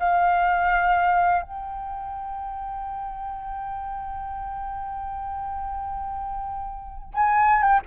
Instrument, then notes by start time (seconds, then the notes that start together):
flute
0.00 F5
1.42 G5
7.15 G#5
7.63 G5